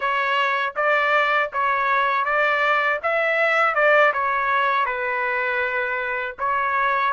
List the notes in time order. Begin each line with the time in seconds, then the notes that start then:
0.00 C#5
0.75 D5
1.52 C#5
2.24 D5
3.02 E5
3.75 D5
4.13 C#5
4.85 B4
6.39 C#5